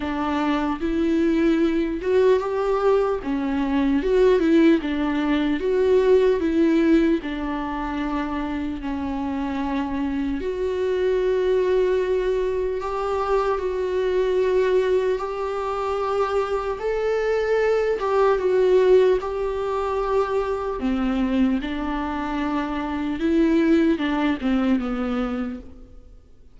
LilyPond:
\new Staff \with { instrumentName = "viola" } { \time 4/4 \tempo 4 = 75 d'4 e'4. fis'8 g'4 | cis'4 fis'8 e'8 d'4 fis'4 | e'4 d'2 cis'4~ | cis'4 fis'2. |
g'4 fis'2 g'4~ | g'4 a'4. g'8 fis'4 | g'2 c'4 d'4~ | d'4 e'4 d'8 c'8 b4 | }